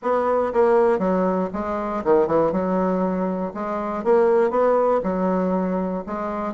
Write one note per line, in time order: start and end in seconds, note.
0.02 0.52 B3
0.53 0.98 A#3
0.98 1.49 F#3
1.53 2.03 G#3
2.04 2.27 D#3
2.27 2.52 E3
2.52 3.52 F#3
3.54 4.04 G#3
4.04 4.50 A#3
4.50 5.00 B3
5.03 6.04 F#3
6.06 6.54 G#3